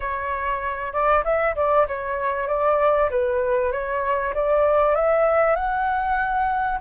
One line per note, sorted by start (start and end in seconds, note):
0.00 0.93 C#5
0.93 1.23 D5
1.24 1.55 E5
1.55 1.86 D5
1.87 2.47 C#5
2.47 3.09 D5
3.10 3.71 B4
3.71 4.33 C#5
4.34 4.95 D5
4.95 5.55 E5
5.55 6.79 F#5